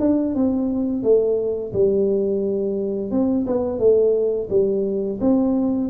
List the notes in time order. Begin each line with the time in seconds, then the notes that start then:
0.00 D4
0.35 C4
1.03 A3
1.73 G3
3.11 C4
3.47 B3
3.79 A3
4.50 G3
5.20 C4